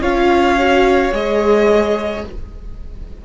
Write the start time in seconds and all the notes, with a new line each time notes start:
0.00 C#4 F4 C#5 F5
0.58 F#4
1.12 G#3 G#4 D#5